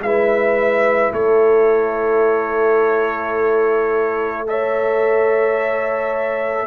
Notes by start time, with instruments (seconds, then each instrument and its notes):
0.00 tuba G#3, trombone E4, horn B4, trumpet E5
1.13 tuba A3, horn A4, trumpet C#5
4.47 trombone A4, horn C#5, trumpet E5